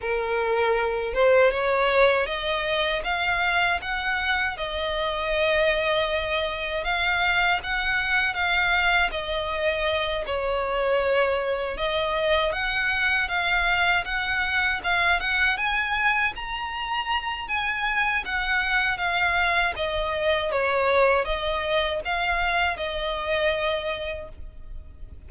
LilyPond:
\new Staff \with { instrumentName = "violin" } { \time 4/4 \tempo 4 = 79 ais'4. c''8 cis''4 dis''4 | f''4 fis''4 dis''2~ | dis''4 f''4 fis''4 f''4 | dis''4. cis''2 dis''8~ |
dis''8 fis''4 f''4 fis''4 f''8 | fis''8 gis''4 ais''4. gis''4 | fis''4 f''4 dis''4 cis''4 | dis''4 f''4 dis''2 | }